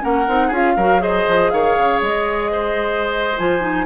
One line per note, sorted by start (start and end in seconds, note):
0.00 0.27 A#3
0.00 0.25 C#4
0.00 0.47 A#4
0.00 0.53 F#5
0.27 0.51 C4
0.27 0.52 D#4
0.47 0.76 C#4
0.47 0.77 F4
0.47 0.72 G#4
0.55 1.02 F5
0.77 1.26 F#3
0.77 0.99 F#4
0.77 1.01 A#4
0.99 3.34 G#4
0.99 1.51 C5
0.99 1.50 D#5
1.28 1.52 F3
1.50 1.77 D#3
1.50 2.51 C#5
1.50 2.00 F5
1.77 2.01 C#3
2.01 3.37 G#3
2.01 3.38 D#5
2.51 3.86 C5
3.38 3.86 F3
3.38 3.60 F4
3.38 3.86 G#5
3.60 3.85 D#4